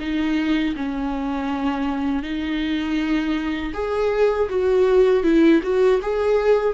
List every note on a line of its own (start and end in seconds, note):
0.00 0.75 D#4
0.76 2.23 C#4
2.23 3.73 D#4
3.74 4.49 G#4
4.50 5.23 F#4
5.23 5.61 E4
5.63 6.01 F#4
6.02 6.74 G#4